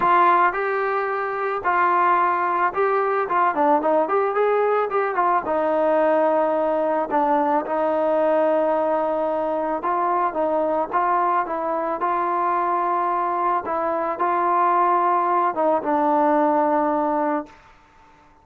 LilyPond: \new Staff \with { instrumentName = "trombone" } { \time 4/4 \tempo 4 = 110 f'4 g'2 f'4~ | f'4 g'4 f'8 d'8 dis'8 g'8 | gis'4 g'8 f'8 dis'2~ | dis'4 d'4 dis'2~ |
dis'2 f'4 dis'4 | f'4 e'4 f'2~ | f'4 e'4 f'2~ | f'8 dis'8 d'2. | }